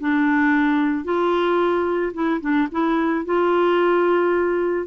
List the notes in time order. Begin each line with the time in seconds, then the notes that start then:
0.00 D4
1.04 F4
2.14 E4
2.41 D4
2.71 E4
3.25 F4